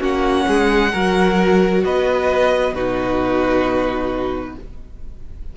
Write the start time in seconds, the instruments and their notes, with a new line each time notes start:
0.00 cello A#3, viola C#4, violin F#4 F#5
0.48 cello G#3, violin G#4
0.93 cello F#3, viola F#4, violin A#4
1.84 cello B3, violin B4 D#5
2.73 cello B2, viola D#4, violin F#4 B4